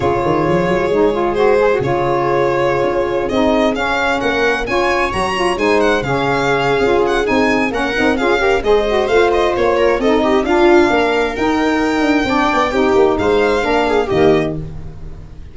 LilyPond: <<
  \new Staff \with { instrumentName = "violin" } { \time 4/4 \tempo 4 = 132 cis''2. c''4 | cis''2.~ cis''16 dis''8.~ | dis''16 f''4 fis''4 gis''4 ais''8.~ | ais''16 gis''8 fis''8 f''2~ f''16 fis''8 |
gis''4 fis''4 f''4 dis''4 | f''8 dis''8 cis''4 dis''4 f''4~ | f''4 g''2.~ | g''4 f''2 dis''4 | }
  \new Staff \with { instrumentName = "viola" } { \time 4/4 gis'1~ | gis'1~ | gis'4~ gis'16 ais'4 cis''4.~ cis''16~ | cis''16 c''4 gis'2~ gis'8.~ |
gis'4 ais'4 gis'8 ais'8 c''4~ | c''4. ais'8 a'8 g'8 f'4 | ais'2. d''4 | g'4 c''4 ais'8 gis'8 g'4 | }
  \new Staff \with { instrumentName = "saxophone" } { \time 4/4 f'2 dis'8 f'8 fis'8 gis'16 fis'16 | f'2.~ f'16 dis'8.~ | dis'16 cis'2 f'4 fis'8 f'16~ | f'16 dis'4 cis'4.~ cis'16 f'4 |
dis'4 cis'8 dis'8 f'8 g'8 gis'8 fis'8 | f'2 dis'4 d'4~ | d'4 dis'2 d'4 | dis'2 d'4 ais4 | }
  \new Staff \with { instrumentName = "tuba" } { \time 4/4 cis8 dis8 f8 fis8 gis2 | cis2~ cis16 cis'4 c'8.~ | c'16 cis'4 ais4 cis'4 fis8.~ | fis16 gis4 cis4.~ cis16 cis'4 |
c'4 ais8 c'8 cis'4 gis4 | a4 ais4 c'4 d'4 | ais4 dis'4. d'8 c'8 b8 | c'8 ais8 gis4 ais4 dis4 | }
>>